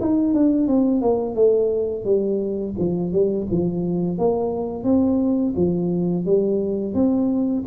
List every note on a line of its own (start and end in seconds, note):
0.00 0.34 D#4
0.34 0.68 D4
0.68 1.01 C4
1.01 1.35 A#3
1.35 2.04 A3
2.04 2.74 G3
2.79 3.12 F3
3.12 3.47 G3
3.51 4.18 F3
4.18 4.84 A#3
4.84 5.54 C4
5.56 6.25 F3
6.25 6.94 G3
6.94 7.64 C4